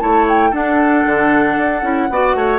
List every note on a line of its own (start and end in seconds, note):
0.00 0.53 A3
0.00 0.53 E4
0.00 0.51 C#5
0.00 0.26 A5
0.29 0.54 G5
0.51 1.05 D4
0.51 1.83 D4
0.51 2.07 A4
0.51 2.59 F#5
1.06 1.57 D3
1.57 1.83 D4
1.83 2.09 C#4
1.83 2.09 E4
2.11 2.35 B3
2.11 2.59 F#4
2.11 2.36 D5
2.35 2.59 A3
2.35 2.59 C#5